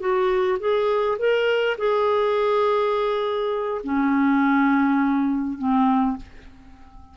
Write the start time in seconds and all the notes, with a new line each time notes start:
0.00 F#4
0.60 G#4
1.18 A#4
1.78 G#4
3.84 C#4
5.58 C4